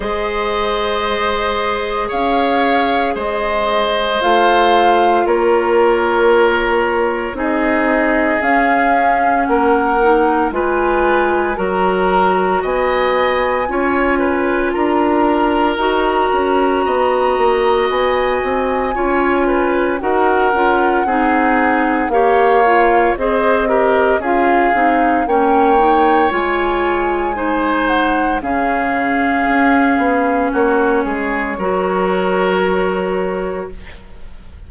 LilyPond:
<<
  \new Staff \with { instrumentName = "flute" } { \time 4/4 \tempo 4 = 57 dis''2 f''4 dis''4 | f''4 cis''2 dis''4 | f''4 fis''4 gis''4 ais''4 | gis''2 ais''2~ |
ais''4 gis''2 fis''4~ | fis''4 f''4 dis''4 f''4 | g''4 gis''4. fis''8 f''4~ | f''4 cis''2. | }
  \new Staff \with { instrumentName = "oboe" } { \time 4/4 c''2 cis''4 c''4~ | c''4 ais'2 gis'4~ | gis'4 ais'4 b'4 ais'4 | dis''4 cis''8 b'8 ais'2 |
dis''2 cis''8 b'8 ais'4 | gis'4 cis''4 c''8 ais'8 gis'4 | cis''2 c''4 gis'4~ | gis'4 fis'8 gis'8 ais'2 | }
  \new Staff \with { instrumentName = "clarinet" } { \time 4/4 gis'1 | f'2. dis'4 | cis'4. dis'8 f'4 fis'4~ | fis'4 f'2 fis'4~ |
fis'2 f'4 fis'8 f'8 | dis'4 g'8 f'8 gis'8 g'8 f'8 dis'8 | cis'8 dis'8 f'4 dis'4 cis'4~ | cis'2 fis'2 | }
  \new Staff \with { instrumentName = "bassoon" } { \time 4/4 gis2 cis'4 gis4 | a4 ais2 c'4 | cis'4 ais4 gis4 fis4 | b4 cis'4 d'4 dis'8 cis'8 |
b8 ais8 b8 c'8 cis'4 dis'8 cis'8 | c'4 ais4 c'4 cis'8 c'8 | ais4 gis2 cis4 | cis'8 b8 ais8 gis8 fis2 | }
>>